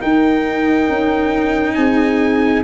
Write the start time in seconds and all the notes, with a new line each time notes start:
0.00 D#4 A#4 G5
0.89 C#4
1.75 C4 G#4 G#5